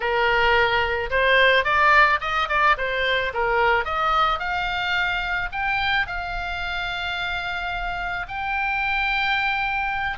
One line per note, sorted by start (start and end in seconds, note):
0.00 1.10 A#4
1.10 1.64 C5
1.64 2.19 D5
2.20 2.48 D#5
2.48 2.76 D5
2.77 3.32 C5
3.33 3.85 A#4
3.85 4.39 D#5
4.39 5.49 F5
5.52 6.06 G5
6.06 8.26 F5
8.28 10.17 G5